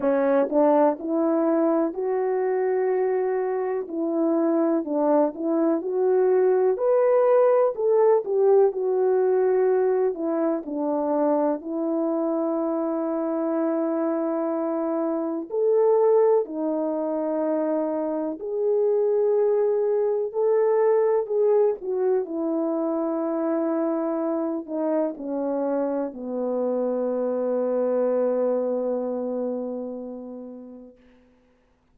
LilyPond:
\new Staff \with { instrumentName = "horn" } { \time 4/4 \tempo 4 = 62 cis'8 d'8 e'4 fis'2 | e'4 d'8 e'8 fis'4 b'4 | a'8 g'8 fis'4. e'8 d'4 | e'1 |
a'4 dis'2 gis'4~ | gis'4 a'4 gis'8 fis'8 e'4~ | e'4. dis'8 cis'4 b4~ | b1 | }